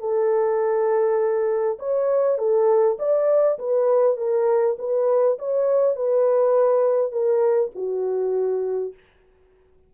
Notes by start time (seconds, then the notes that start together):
0.00 A4
1.80 C#5
2.38 A4
2.99 D5
3.59 B4
4.17 A#4
4.79 B4
5.39 C#5
5.96 B4
7.12 A#4
7.75 F#4